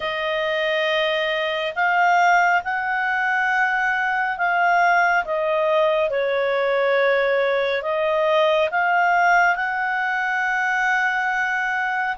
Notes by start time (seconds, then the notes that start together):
0.00 D#5
1.75 F5
2.64 F#5
4.37 F5
5.24 D#5
6.09 C#5
7.82 D#5
8.70 F5
9.55 F#5